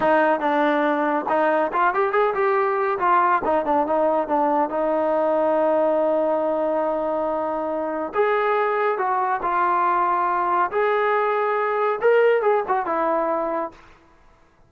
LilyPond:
\new Staff \with { instrumentName = "trombone" } { \time 4/4 \tempo 4 = 140 dis'4 d'2 dis'4 | f'8 g'8 gis'8 g'4. f'4 | dis'8 d'8 dis'4 d'4 dis'4~ | dis'1~ |
dis'2. gis'4~ | gis'4 fis'4 f'2~ | f'4 gis'2. | ais'4 gis'8 fis'8 e'2 | }